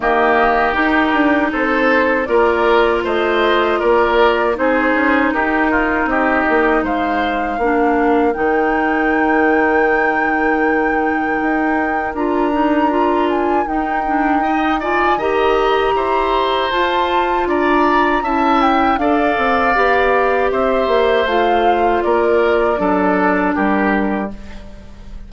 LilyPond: <<
  \new Staff \with { instrumentName = "flute" } { \time 4/4 \tempo 4 = 79 dis''4 ais'4 c''4 d''4 | dis''4 d''4 c''4 ais'4 | dis''4 f''2 g''4~ | g''1 |
ais''4. gis''8 g''4. gis''8 | ais''2 a''4 ais''4 | a''8 g''8 f''2 e''4 | f''4 d''2 ais'4 | }
  \new Staff \with { instrumentName = "oboe" } { \time 4/4 g'2 a'4 ais'4 | c''4 ais'4 gis'4 g'8 f'8 | g'4 c''4 ais'2~ | ais'1~ |
ais'2. dis''8 d''8 | dis''4 c''2 d''4 | e''4 d''2 c''4~ | c''4 ais'4 a'4 g'4 | }
  \new Staff \with { instrumentName = "clarinet" } { \time 4/4 ais4 dis'2 f'4~ | f'2 dis'2~ | dis'2 d'4 dis'4~ | dis'1 |
f'8 dis'8 f'4 dis'8 d'8 dis'8 f'8 | g'2 f'2 | e'4 a'4 g'2 | f'2 d'2 | }
  \new Staff \with { instrumentName = "bassoon" } { \time 4/4 dis4 dis'8 d'8 c'4 ais4 | a4 ais4 c'8 cis'8 dis'4 | c'8 ais8 gis4 ais4 dis4~ | dis2. dis'4 |
d'2 dis'2 | dis4 e'4 f'4 d'4 | cis'4 d'8 c'8 b4 c'8 ais8 | a4 ais4 fis4 g4 | }
>>